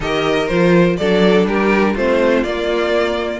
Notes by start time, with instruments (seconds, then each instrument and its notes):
0.00 cello D#3, viola G4, violin A#4 D#5
0.47 cello F3, viola F4, violin C5
0.97 cello F#3, viola D4, violin A4 D5
1.46 cello G3, violin G4 A#4
1.93 cello A3, viola C4, violin F4 C5
2.43 cello A#3, viola A#3, violin D5